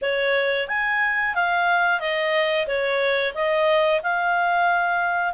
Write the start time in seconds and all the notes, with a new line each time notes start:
0.01 C#5
0.68 G#5
1.34 F5
1.99 D#5
2.67 C#5
3.34 D#5
4.02 F5